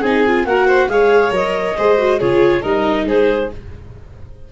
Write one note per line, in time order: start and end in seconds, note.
0.00 0.45 C4
0.00 0.26 D#4
0.00 0.43 G#4
0.00 0.45 G#5
0.26 0.46 F4
0.45 0.88 A#3
0.45 0.89 F#4
0.45 0.67 A#4
0.45 0.89 F#5
0.67 0.88 C5
0.88 1.30 G#3
0.88 1.31 G#4
0.88 1.77 C#5
0.88 1.32 F5
1.30 1.74 F#3
1.30 1.75 A#4
1.30 2.20 D#5
1.77 2.21 G#3
1.77 1.98 G#4
1.77 2.19 C5
1.98 2.19 F#4
2.19 2.64 C#3
2.19 2.63 F4
2.19 2.62 G#4
2.19 2.62 C#5
2.62 3.04 G3
2.62 3.50 D#4
2.62 3.05 A#4
2.62 3.06 D#5
3.04 3.48 G#3
3.04 3.52 G#4
3.04 3.50 C5